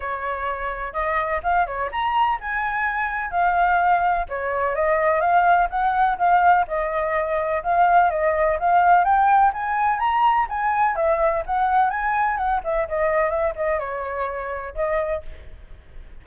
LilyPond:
\new Staff \with { instrumentName = "flute" } { \time 4/4 \tempo 4 = 126 cis''2 dis''4 f''8 cis''8 | ais''4 gis''2 f''4~ | f''4 cis''4 dis''4 f''4 | fis''4 f''4 dis''2 |
f''4 dis''4 f''4 g''4 | gis''4 ais''4 gis''4 e''4 | fis''4 gis''4 fis''8 e''8 dis''4 | e''8 dis''8 cis''2 dis''4 | }